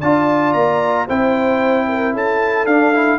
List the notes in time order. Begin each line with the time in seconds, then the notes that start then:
0.00 D4 F4 D5 A5
0.53 A#3 A#5
1.07 C4 E4 C5 G5
1.89 A#4
2.14 C#4 A4 A5
2.66 D4 F5
2.94 E4